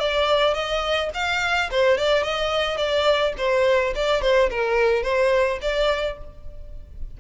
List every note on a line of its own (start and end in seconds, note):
0.00 0.54 D5
0.54 1.10 D#5
1.14 1.70 F5
1.71 1.98 C5
1.98 2.23 D5
2.23 2.77 D#5
2.77 3.33 D5
3.38 3.94 C5
3.96 4.22 D5
4.22 4.50 C5
4.50 5.03 A#4
5.03 5.59 C5
5.62 6.18 D5